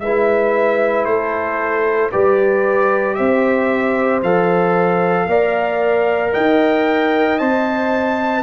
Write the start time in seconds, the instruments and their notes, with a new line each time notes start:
0.00 tuba G#3, trombone E4, horn B4, trumpet E5
1.05 tuba A3, horn A4, trumpet C5
2.12 tuba G3, trombone G4, horn B4, trumpet D5
3.15 tuba C4, horn C5, trumpet E5
4.23 tuba F3, trombone A4, trumpet F5
5.27 tuba A#3, trombone A#4, horn D5
6.33 tuba D#4, horn D#5, trumpet G5
7.39 tuba C4, trombone C5, trumpet A5